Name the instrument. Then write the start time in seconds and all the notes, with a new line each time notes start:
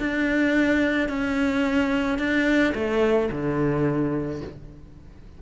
cello
0.00 D4
1.09 C#4
2.19 D4
2.75 A3
3.32 D3